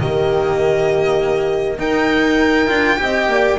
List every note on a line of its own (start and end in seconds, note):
0.00 1.79 D#3
0.00 1.79 A#3
0.00 1.79 G4
0.00 1.80 D#5
1.79 2.67 D#4
1.79 2.69 D#4
1.79 2.99 A#4
1.79 3.59 G5
2.67 3.00 D4
2.67 2.97 F4
2.97 3.28 C4
2.97 3.57 G4
3.03 3.33 D#5
3.28 3.58 A#3
3.28 3.59 D5